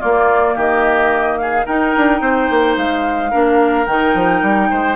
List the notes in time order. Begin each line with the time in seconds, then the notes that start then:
0.00 A#3 F4 D5
0.55 D#3 G4 D#5
1.38 G#4 F5
1.66 D#4 A#4 G5
1.97 D4
2.21 C4 C5
2.51 A#3
2.77 G#3 F5
3.31 A#3 D4 A#4
3.87 D#3 D#4 G5
4.15 F3
4.43 G3
4.70 G#3 C5